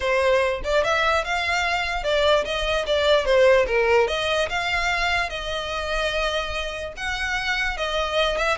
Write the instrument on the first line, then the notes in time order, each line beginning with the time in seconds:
violin
0.00 C5
0.64 D5
0.84 E5
1.24 F5
2.03 D5
2.45 D#5
2.86 D5
3.25 C5
3.66 A#4
4.07 D#5
4.49 F5
5.29 D#5
6.96 F#5
7.77 D#5
8.37 E5